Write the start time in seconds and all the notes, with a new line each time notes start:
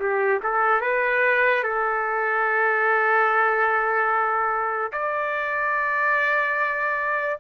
0.00 G4
0.43 A4
0.81 B4
1.64 A4
4.93 D5